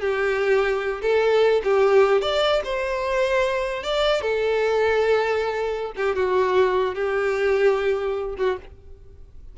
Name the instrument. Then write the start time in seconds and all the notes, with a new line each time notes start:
violin
0.00 G4
1.01 A4
1.63 G4
2.21 D5
2.64 C5
3.83 D5
4.21 A4
5.96 G4
6.15 F#4
6.95 G4
8.37 F#4